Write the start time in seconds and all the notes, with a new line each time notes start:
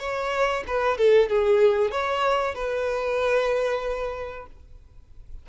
0.00 C#5
0.68 B4
0.98 A4
1.30 G#4
1.92 C#5
2.55 B4